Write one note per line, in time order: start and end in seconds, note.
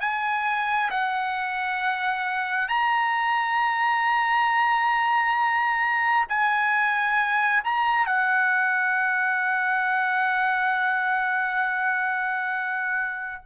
0.00 0.90 G#5
0.90 2.68 F#5
2.68 6.26 A#5
6.28 7.63 G#5
7.64 8.06 A#5
8.06 13.43 F#5